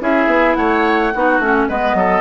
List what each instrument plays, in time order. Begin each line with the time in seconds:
0.00 bassoon C#4, clarinet E4, oboe G#4, flute E5
0.26 bassoon B3
0.54 bassoon A3, oboe C#5, flute F#5
1.14 bassoon B3, clarinet D#4, oboe F#4
1.39 bassoon A3, clarinet C#4
1.68 bassoon G#3, clarinet B3, oboe B4, flute D#5
1.94 bassoon F#3, oboe A4